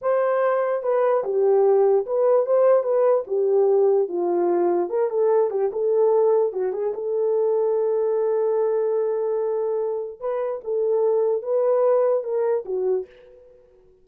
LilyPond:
\new Staff \with { instrumentName = "horn" } { \time 4/4 \tempo 4 = 147 c''2 b'4 g'4~ | g'4 b'4 c''4 b'4 | g'2 f'2 | ais'8 a'4 g'8 a'2 |
fis'8 gis'8 a'2.~ | a'1~ | a'4 b'4 a'2 | b'2 ais'4 fis'4 | }